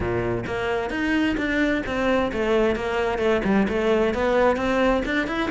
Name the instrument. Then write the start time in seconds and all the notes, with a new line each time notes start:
cello
0.00 A#2
0.46 A#3
0.90 D#4
1.37 D4
1.85 C4
2.32 A3
2.75 A#3
3.18 A3
3.44 G3
3.68 A3
4.13 B3
4.56 C4
5.05 D4
5.27 E4